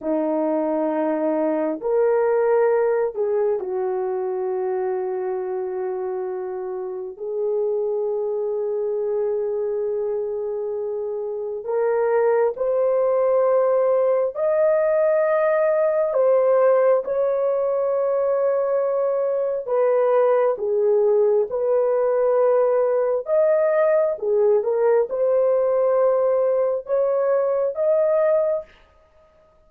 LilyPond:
\new Staff \with { instrumentName = "horn" } { \time 4/4 \tempo 4 = 67 dis'2 ais'4. gis'8 | fis'1 | gis'1~ | gis'4 ais'4 c''2 |
dis''2 c''4 cis''4~ | cis''2 b'4 gis'4 | b'2 dis''4 gis'8 ais'8 | c''2 cis''4 dis''4 | }